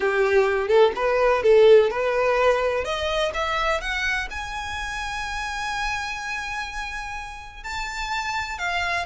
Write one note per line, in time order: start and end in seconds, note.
0.00 0.68 G4
0.68 0.92 A4
0.95 1.43 B4
1.43 1.90 A4
1.90 2.84 B4
2.84 3.31 D#5
3.33 3.81 E5
3.81 4.28 F#5
4.30 7.63 G#5
7.63 8.58 A5
8.58 9.05 F5